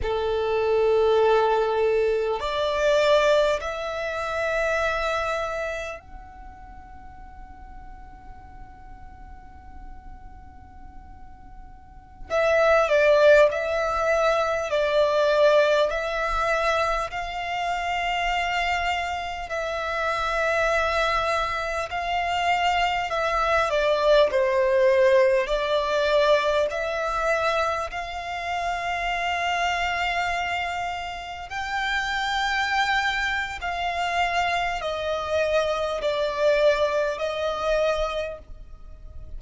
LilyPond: \new Staff \with { instrumentName = "violin" } { \time 4/4 \tempo 4 = 50 a'2 d''4 e''4~ | e''4 fis''2.~ | fis''2~ fis''16 e''8 d''8 e''8.~ | e''16 d''4 e''4 f''4.~ f''16~ |
f''16 e''2 f''4 e''8 d''16~ | d''16 c''4 d''4 e''4 f''8.~ | f''2~ f''16 g''4.~ g''16 | f''4 dis''4 d''4 dis''4 | }